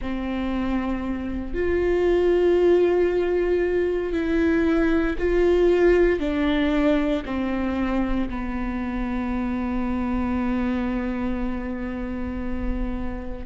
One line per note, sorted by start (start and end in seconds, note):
0.01 1.54 C4
1.54 4.12 F4
4.12 5.16 E4
5.18 6.19 F4
6.19 7.23 D4
7.25 8.29 C4
8.29 13.46 B3